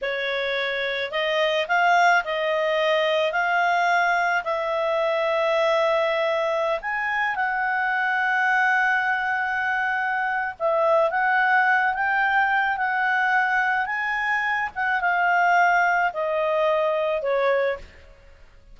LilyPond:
\new Staff \with { instrumentName = "clarinet" } { \time 4/4 \tempo 4 = 108 cis''2 dis''4 f''4 | dis''2 f''2 | e''1~ | e''16 gis''4 fis''2~ fis''8.~ |
fis''2. e''4 | fis''4. g''4. fis''4~ | fis''4 gis''4. fis''8 f''4~ | f''4 dis''2 cis''4 | }